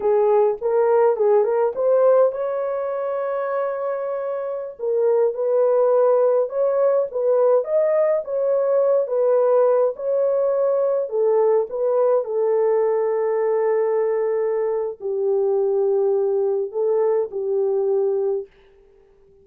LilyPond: \new Staff \with { instrumentName = "horn" } { \time 4/4 \tempo 4 = 104 gis'4 ais'4 gis'8 ais'8 c''4 | cis''1~ | cis''16 ais'4 b'2 cis''8.~ | cis''16 b'4 dis''4 cis''4. b'16~ |
b'4~ b'16 cis''2 a'8.~ | a'16 b'4 a'2~ a'8.~ | a'2 g'2~ | g'4 a'4 g'2 | }